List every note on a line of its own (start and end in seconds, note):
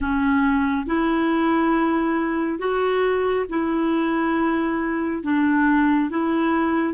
0.00 0.86 C#4
0.86 2.58 E4
2.58 3.45 F#4
3.49 5.23 E4
5.23 6.10 D4
6.10 6.93 E4